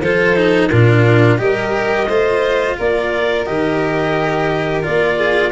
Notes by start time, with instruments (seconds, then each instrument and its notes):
0.00 tuba F3, cello F4, violin A4, clarinet C5
0.36 cello D#4
0.69 tuba A#2, cello D4, violin F4, clarinet A#4
1.37 tuba G3, cello G4, violin A#4, clarinet D#5
2.07 tuba A3, cello F4, violin C5
2.77 tuba A#3, violin A#4, clarinet D5
3.44 tuba D#3, cello G4, clarinet D#5
4.82 tuba A#3, cello F4, clarinet D5
5.17 violin G#4